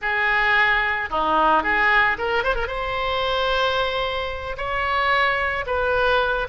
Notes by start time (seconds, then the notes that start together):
0.01 G#4
1.10 D#4
1.63 G#4
2.17 A#4
2.43 C5
2.55 A#4
2.67 C5
4.57 C#5
5.66 B4